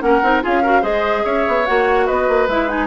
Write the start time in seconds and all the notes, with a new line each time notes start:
0.00 A#3 C#4 A#4 F#5
0.23 C4 D#4
0.42 C#4 F4 G#4 F5
0.63 F#4 A#4
0.81 G#3 G#4 C5 D#5
1.24 C#4 C#5 E5
1.48 B3
1.66 A#3 F#4 F#5
2.06 B3 B4 D#5
2.28 A#3
2.48 G#3 E4 E5
2.68 D#4 G#5